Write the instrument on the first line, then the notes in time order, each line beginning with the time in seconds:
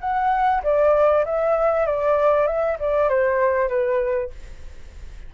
flute
0.00 F#5
0.63 D5
1.25 E5
1.86 D5
2.47 E5
2.79 D5
3.09 C5
3.68 B4